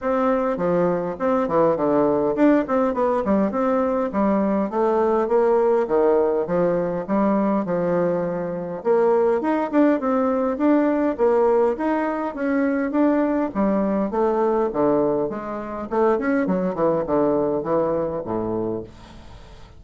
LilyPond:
\new Staff \with { instrumentName = "bassoon" } { \time 4/4 \tempo 4 = 102 c'4 f4 c'8 e8 d4 | d'8 c'8 b8 g8 c'4 g4 | a4 ais4 dis4 f4 | g4 f2 ais4 |
dis'8 d'8 c'4 d'4 ais4 | dis'4 cis'4 d'4 g4 | a4 d4 gis4 a8 cis'8 | fis8 e8 d4 e4 a,4 | }